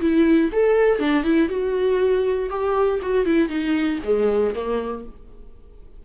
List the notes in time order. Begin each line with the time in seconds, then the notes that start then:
0.00 E4
0.52 A4
0.99 D4
1.24 E4
1.48 F#4
2.49 G4
3.02 F#4
3.25 E4
3.49 D#4
4.04 G#3
4.54 A#3